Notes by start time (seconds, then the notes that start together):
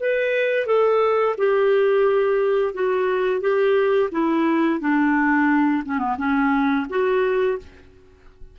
0.00 B4
0.66 A4
1.38 G4
2.74 F#4
3.41 G4
4.12 E4
4.80 D4
5.85 C#4
5.99 B3
6.18 C#4
6.90 F#4